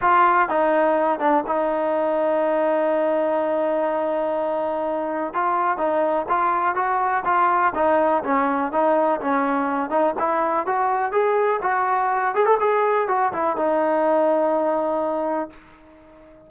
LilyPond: \new Staff \with { instrumentName = "trombone" } { \time 4/4 \tempo 4 = 124 f'4 dis'4. d'8 dis'4~ | dis'1~ | dis'2. f'4 | dis'4 f'4 fis'4 f'4 |
dis'4 cis'4 dis'4 cis'4~ | cis'8 dis'8 e'4 fis'4 gis'4 | fis'4. gis'16 a'16 gis'4 fis'8 e'8 | dis'1 | }